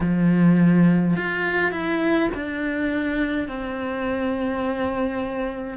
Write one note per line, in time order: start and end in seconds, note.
0.00 1.15 F3
1.16 1.72 F4
1.72 2.29 E4
2.34 3.48 D4
3.48 5.77 C4